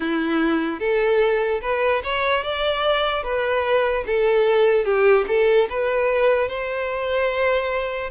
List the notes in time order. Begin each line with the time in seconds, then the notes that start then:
0.00 E4
0.79 A4
1.61 B4
2.03 C#5
2.43 D5
3.23 B4
4.06 A4
4.84 G4
5.27 A4
5.69 B4
6.48 C5